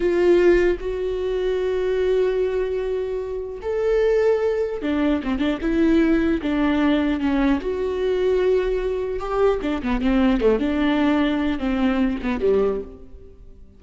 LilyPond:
\new Staff \with { instrumentName = "viola" } { \time 4/4 \tempo 4 = 150 f'2 fis'2~ | fis'1~ | fis'4 a'2. | d'4 c'8 d'8 e'2 |
d'2 cis'4 fis'4~ | fis'2. g'4 | d'8 b8 c'4 a8 d'4.~ | d'4 c'4. b8 g4 | }